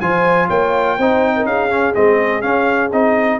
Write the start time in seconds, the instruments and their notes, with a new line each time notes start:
0.00 tuba F3, trombone F4, horn C5, trumpet G#5
0.47 tuba A#3, horn C#5, trumpet G5
0.98 tuba C4, trombone D#4, horn C5
1.36 horn A#4
1.45 tuba C#4, horn G#4, trumpet F5
1.70 trombone C#4
1.94 tuba G#3, trombone C4, trumpet D#5
2.41 trombone C#4, tuba C#4, trumpet F5
2.92 tuba C4, trombone D#4, trumpet D#5